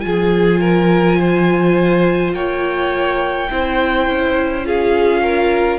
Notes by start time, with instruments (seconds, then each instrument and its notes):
0.00 cello F3, viola F4, violin G#5
0.06 violin G#4
0.60 violin A#4
1.19 violin C5
2.33 cello A#3, violin C#5 G5
3.50 cello C4, viola E4, violin C5
4.07 cello C#4
4.65 viola F4, violin G#4 F5
5.22 violin A#4